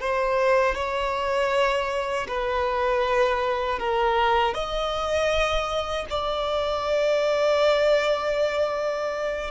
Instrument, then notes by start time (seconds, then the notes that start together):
violin
0.00 C5
0.75 C#5
2.28 B4
3.79 A#4
4.54 D#5
6.10 D5